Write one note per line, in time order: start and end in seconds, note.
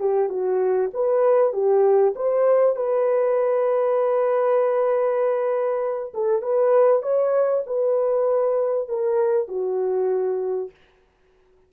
0.00 0.29 G4
0.29 0.91 F#4
0.94 1.53 B4
1.53 2.15 G4
2.16 2.77 C5
2.77 6.13 B4
6.14 6.42 A4
6.42 7.03 B4
7.03 7.64 C#5
7.67 8.89 B4
8.89 9.48 A#4
9.48 10.71 F#4